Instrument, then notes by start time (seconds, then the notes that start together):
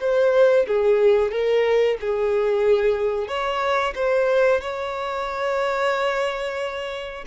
violin
0.00 C5
0.67 G#4
1.31 A#4
2.00 G#4
3.28 C#5
3.95 C5
4.61 C#5